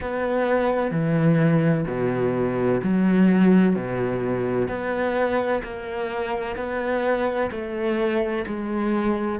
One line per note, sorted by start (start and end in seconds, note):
0.00 0.91 B3
0.91 1.85 E3
1.87 2.81 B2
2.83 3.75 F#3
3.75 4.68 B2
4.68 5.62 B3
5.62 6.56 A#3
6.56 7.50 B3
7.51 8.45 A3
8.46 9.39 G#3